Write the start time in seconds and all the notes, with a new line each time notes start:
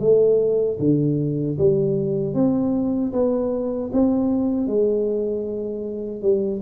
0.00 A3
0.79 D3
1.59 G3
2.34 C4
3.13 B3
3.93 C4
4.67 G#3
6.22 G3